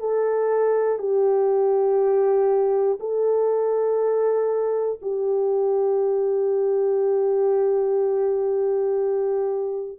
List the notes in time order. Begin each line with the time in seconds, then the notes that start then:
0.00 A4
0.99 G4
3.00 A4
5.02 G4